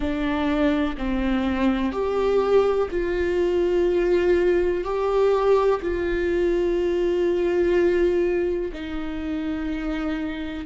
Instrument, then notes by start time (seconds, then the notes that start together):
viola
0.00 D4
0.97 C4
1.92 G4
2.90 F4
4.83 G4
5.82 F4
8.73 D#4